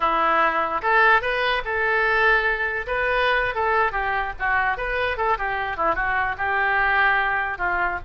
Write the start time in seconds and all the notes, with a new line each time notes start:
0.00 E4
0.82 A4
1.21 B4
1.64 A4
2.86 B4
3.54 A4
3.92 G4
4.39 F#4
4.77 B4
5.17 A4
5.38 G4
5.76 E4
5.95 F#4
6.37 G4
7.58 F4